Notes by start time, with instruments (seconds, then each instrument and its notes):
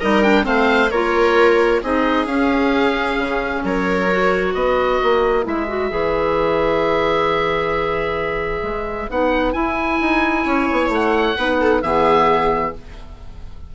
0.00 bassoon G3, clarinet D#4, viola A#4, oboe D#5
0.23 clarinet D4, oboe G5
0.43 bassoon A3, clarinet C4, viola C5, oboe F5
0.91 bassoon A#3, clarinet F4, viola A#4, oboe C#5
1.83 bassoon C4, clarinet D#4, viola G#4, oboe D#5
2.26 bassoon C#4, clarinet C#4, oboe F5
3.19 bassoon C#3
3.64 bassoon F#3, viola A#4, oboe C#5
4.12 clarinet F#4
4.52 bassoon B3, viola B4, oboe D#5
5.04 bassoon A#3
5.44 bassoon G#3, clarinet E4, oboe E5
5.69 clarinet F#4
5.91 bassoon E3, clarinet G#4
8.63 bassoon G#3
9.10 bassoon B3, clarinet D#4, oboe F#5
9.53 clarinet E4, bassoon E4, oboe G#5
10.01 bassoon D#4
10.46 bassoon C#4, viola C#5
10.72 bassoon B3
10.89 bassoon A3, oboe F#5
11.37 bassoon B3, clarinet D#4, viola B4
11.61 viola A4
11.82 bassoon E3, clarinet B3, viola G#4, oboe E5